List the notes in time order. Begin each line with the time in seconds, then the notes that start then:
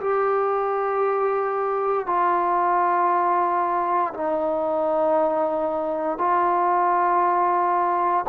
0.00 G4
2.06 F4
4.13 D#4
6.18 F4